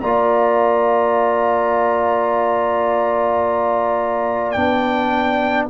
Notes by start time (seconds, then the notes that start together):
0.00 A#3 F4 D5 A#5
4.52 B3 D4 G5